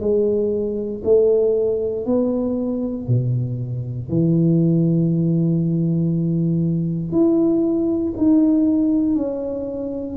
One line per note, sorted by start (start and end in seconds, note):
0.00 1.02 G#3
1.04 2.06 A3
2.06 3.07 B3
3.07 4.09 B2
4.09 7.11 E3
7.11 8.13 E4
8.17 9.15 D#4
9.15 10.16 C#4